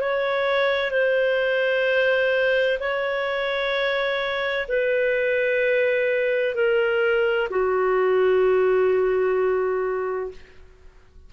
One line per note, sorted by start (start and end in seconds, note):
0.00 0.90 C#5
0.90 2.78 C5
2.79 4.67 C#5
4.67 6.55 B4
6.55 7.48 A#4
7.50 10.31 F#4